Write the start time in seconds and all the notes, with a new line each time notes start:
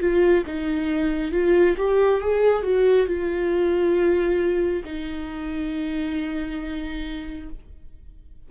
0.00 F4
0.46 D#4
1.32 F4
1.77 G4
2.21 G#4
2.63 F#4
3.07 F4
4.84 D#4